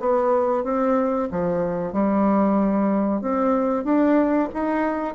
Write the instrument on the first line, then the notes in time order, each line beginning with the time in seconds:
bassoon
0.00 B3
0.64 C4
1.31 F3
1.93 G3
3.22 C4
3.84 D4
4.54 D#4